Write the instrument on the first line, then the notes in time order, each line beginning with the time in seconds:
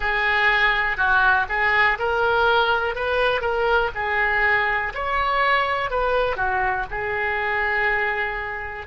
oboe
0.00 G#4
0.97 F#4
1.48 G#4
1.99 A#4
2.95 B4
3.41 A#4
3.94 G#4
4.94 C#5
5.90 B4
6.36 F#4
6.90 G#4